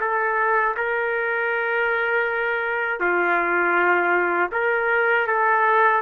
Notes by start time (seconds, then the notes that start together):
0.00 A4
0.76 A#4
3.00 F4
4.52 A#4
5.27 A4